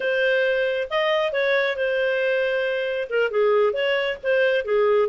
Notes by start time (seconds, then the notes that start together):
0.00 C5
0.90 D#5
1.32 C#5
1.76 C5
3.09 A#4
3.30 G#4
3.73 C#5
4.23 C5
4.64 G#4